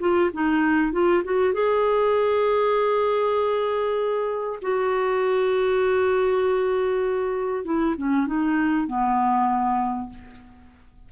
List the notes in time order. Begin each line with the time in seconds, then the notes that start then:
0.00 F4
0.34 D#4
0.92 F4
1.24 F#4
1.54 G#4
4.62 F#4
7.65 E4
7.98 C#4
8.27 D#4
8.87 B3